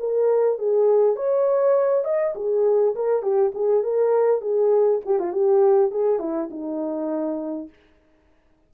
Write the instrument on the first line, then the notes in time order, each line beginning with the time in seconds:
horn
0.00 A#4
0.59 G#4
1.16 C#5
2.05 D#5
2.36 G#4
2.96 A#4
3.23 G4
3.55 G#4
3.84 A#4
4.41 G#4
5.05 G4
5.20 F4
5.33 G4
5.92 G#4
6.20 E4
6.51 D#4